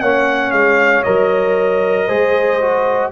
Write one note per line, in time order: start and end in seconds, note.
0.00 0.52 A#3
0.00 1.05 C#4
0.00 2.07 C#5
0.00 0.51 F#5
0.51 1.04 G#3
0.51 1.03 F5
1.03 2.09 F#3
1.03 2.08 A#4
1.03 3.10 D#5
2.07 3.12 G#3
2.07 2.60 G#4
2.07 3.10 C5
2.61 3.12 F#4